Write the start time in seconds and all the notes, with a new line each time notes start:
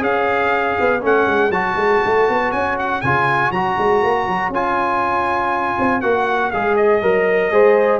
0.00 C#4 G#4 C#5 F5
0.80 B3
1.00 A3 C#4 F#5
1.27 G#3
1.50 F#3 F#4 A5
1.76 G#3
2.05 A3
2.29 B3
2.51 C#4 G#5
2.79 F#5
3.01 C#3 F4 G#5
3.51 F#3 F#4 A#5
3.78 G#3
4.03 A#3
4.27 F#3
4.49 C#4 F4 G#5
5.79 C4
6.01 A#3 F#4 F#5
6.51 G#3 G#4 F5
6.76 D#5
7.02 F#3 A#4
7.51 G#3 G#4 C5